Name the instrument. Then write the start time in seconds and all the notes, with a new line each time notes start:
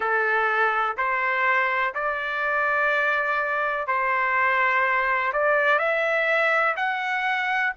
trumpet
0.00 A4
0.97 C5
1.94 D5
3.87 C5
5.32 D5
5.78 E5
6.76 F#5